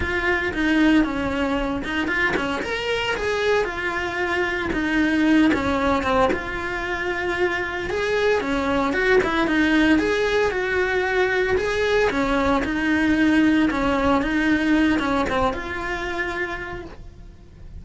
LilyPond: \new Staff \with { instrumentName = "cello" } { \time 4/4 \tempo 4 = 114 f'4 dis'4 cis'4. dis'8 | f'8 cis'8 ais'4 gis'4 f'4~ | f'4 dis'4. cis'4 c'8 | f'2. gis'4 |
cis'4 fis'8 e'8 dis'4 gis'4 | fis'2 gis'4 cis'4 | dis'2 cis'4 dis'4~ | dis'8 cis'8 c'8 f'2~ f'8 | }